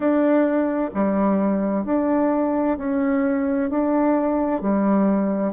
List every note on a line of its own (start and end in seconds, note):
0.00 0.90 D4
0.94 1.85 G3
1.85 2.77 D4
2.77 3.69 C#4
3.69 4.61 D4
4.61 5.53 G3